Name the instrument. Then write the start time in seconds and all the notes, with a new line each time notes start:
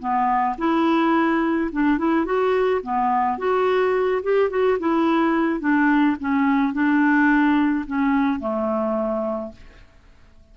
clarinet
0.00 B3
0.58 E4
1.72 D4
1.98 E4
2.25 F#4
2.83 B3
3.38 F#4
4.23 G4
4.50 F#4
4.79 E4
5.60 D4
6.20 C#4
6.73 D4
7.87 C#4
8.40 A3